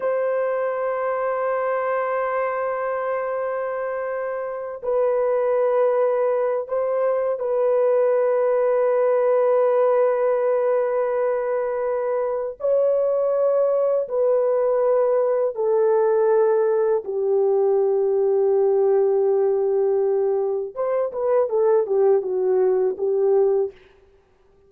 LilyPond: \new Staff \with { instrumentName = "horn" } { \time 4/4 \tempo 4 = 81 c''1~ | c''2~ c''8 b'4.~ | b'4 c''4 b'2~ | b'1~ |
b'4 cis''2 b'4~ | b'4 a'2 g'4~ | g'1 | c''8 b'8 a'8 g'8 fis'4 g'4 | }